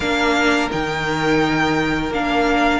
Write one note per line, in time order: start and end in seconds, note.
0.00 0.70 A#3
0.00 0.70 D4
0.00 2.80 A#4
0.00 0.68 F5
0.70 2.10 D#3
0.70 2.12 D#4
0.70 2.12 G5
2.10 2.80 A#3
2.10 2.80 D4
2.10 2.80 F5